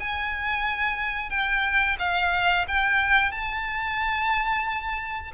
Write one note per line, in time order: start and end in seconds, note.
0.00 1.30 G#5
1.30 1.97 G5
1.99 2.66 F5
2.68 3.31 G5
3.31 5.31 A5